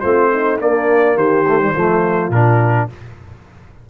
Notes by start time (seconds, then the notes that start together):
0.00 A3 C4 F4 C5
0.32 D#4
0.59 A#3 D4 D5
1.16 D#3 G4 C5
1.47 A3
1.60 G3
1.74 F3 A3 F4
2.30 A#2 D4 A#4